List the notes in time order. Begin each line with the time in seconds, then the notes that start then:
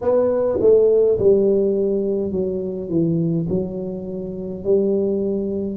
0.01 B3
0.60 A3
1.19 G3
2.31 F#3
2.88 E3
3.49 F#3
4.64 G3